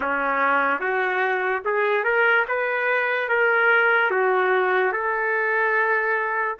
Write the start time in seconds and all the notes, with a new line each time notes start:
0.00 C#4
0.80 F#4
1.64 G#4
2.04 A#4
2.47 B4
3.29 A#4
4.11 F#4
4.92 A4